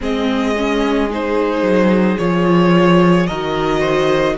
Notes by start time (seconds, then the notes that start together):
0.00 G#3 C4 G#4 D#5
0.56 C#4
1.10 D#4 C5
1.62 F#3
2.18 F3 F4 C#5
3.26 D#3 F#4 A#4 D#5
3.80 C5